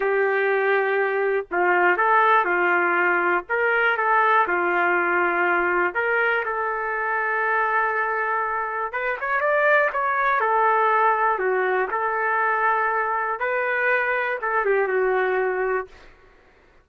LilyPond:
\new Staff \with { instrumentName = "trumpet" } { \time 4/4 \tempo 4 = 121 g'2. f'4 | a'4 f'2 ais'4 | a'4 f'2. | ais'4 a'2.~ |
a'2 b'8 cis''8 d''4 | cis''4 a'2 fis'4 | a'2. b'4~ | b'4 a'8 g'8 fis'2 | }